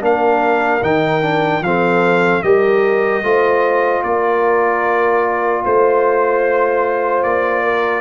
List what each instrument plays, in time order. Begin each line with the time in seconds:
0.00 tuba A#3, trombone D4, horn A#4, trumpet F5
0.82 tuba D#3, trombone D#4, trumpet G5
1.22 trombone D4
1.61 tuba F3, trombone C4, horn A4, trumpet F5
2.42 tuba G3, trombone G4, horn A#4, trumpet D#5
3.22 tuba A3, trombone F4, horn C5
4.03 tuba A#3, horn A#4, trumpet D5
5.63 tuba A3, horn C5, trumpet C5
7.23 tuba A#3, trumpet D5
7.63 horn A#4